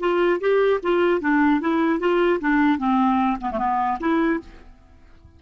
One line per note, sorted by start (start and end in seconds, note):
0.00 0.40 F4
0.40 0.80 G4
0.83 1.21 F4
1.21 1.61 D4
1.61 2.00 E4
2.00 2.40 F4
2.41 2.79 D4
2.79 3.39 C4
3.41 3.51 B3
3.52 3.59 A3
3.59 3.99 B3
4.00 4.40 E4